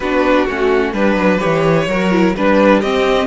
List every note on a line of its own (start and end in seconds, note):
0.00 0.47 B3
0.00 0.48 D4
0.00 0.94 F#4
0.00 0.46 B4
0.46 0.93 A3
0.46 0.95 C#4
0.46 0.93 F#4
0.93 1.15 G3
0.93 1.39 D4
0.93 1.40 B4
0.93 1.88 B4
1.15 1.39 F#3
1.39 1.87 E3
1.39 1.86 G4
1.39 2.34 C#5
1.87 2.34 F#3
1.87 2.11 F#4
1.87 2.36 A#4
2.11 2.34 E4
2.36 2.82 G3
2.36 2.83 D4
2.36 2.80 B4
2.80 3.27 C4
2.80 3.27 G4
2.80 3.27 D#5